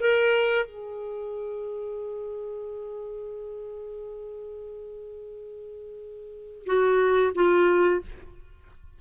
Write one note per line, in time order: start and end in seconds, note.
0.00 0.65 A#4
0.65 6.65 G#4
6.66 7.33 F#4
7.35 8.02 F4